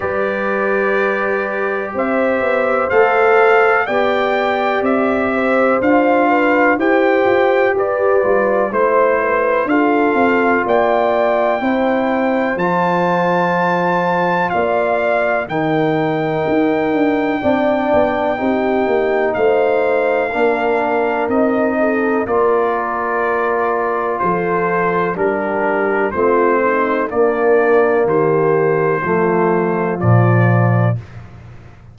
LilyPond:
<<
  \new Staff \with { instrumentName = "trumpet" } { \time 4/4 \tempo 4 = 62 d''2 e''4 f''4 | g''4 e''4 f''4 g''4 | d''4 c''4 f''4 g''4~ | g''4 a''2 f''4 |
g''1 | f''2 dis''4 d''4~ | d''4 c''4 ais'4 c''4 | d''4 c''2 d''4 | }
  \new Staff \with { instrumentName = "horn" } { \time 4/4 b'2 c''2 | d''4. c''4 b'8 c''4 | b'4 c''8 b'8 a'4 d''4 | c''2. d''4 |
ais'2 d''4 g'4 | c''4 ais'4. a'8 ais'4~ | ais'4 a'4 g'4 f'8 dis'8 | d'4 g'4 f'2 | }
  \new Staff \with { instrumentName = "trombone" } { \time 4/4 g'2. a'4 | g'2 f'4 g'4~ | g'8 f'8 e'4 f'2 | e'4 f'2. |
dis'2 d'4 dis'4~ | dis'4 d'4 dis'4 f'4~ | f'2 d'4 c'4 | ais2 a4 f4 | }
  \new Staff \with { instrumentName = "tuba" } { \time 4/4 g2 c'8 b8 a4 | b4 c'4 d'4 e'8 f'8 | g'8 g8 a4 d'8 c'8 ais4 | c'4 f2 ais4 |
dis4 dis'8 d'8 c'8 b8 c'8 ais8 | a4 ais4 c'4 ais4~ | ais4 f4 g4 a4 | ais4 dis4 f4 ais,4 | }
>>